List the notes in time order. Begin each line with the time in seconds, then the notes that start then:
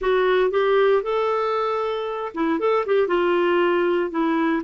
0.01 F#4
0.51 G4
1.03 A4
2.34 E4
2.59 A4
2.85 G4
3.07 F4
4.10 E4